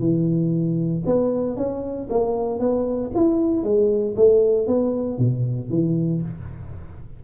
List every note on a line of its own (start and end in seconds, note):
0.00 1.03 E3
1.06 1.57 B3
1.57 2.09 C#4
2.10 2.60 A#3
2.60 3.12 B3
3.15 3.64 E4
3.64 4.16 G#3
4.17 4.68 A3
4.68 5.18 B3
5.18 5.70 B2
5.70 6.22 E3